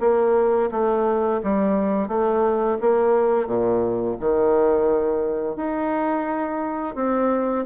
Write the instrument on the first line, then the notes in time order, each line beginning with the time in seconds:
bassoon
0.00 A#3
0.71 A3
1.43 G3
2.08 A3
2.81 A#3
3.47 A#2
4.20 D#3
5.56 D#4
6.95 C4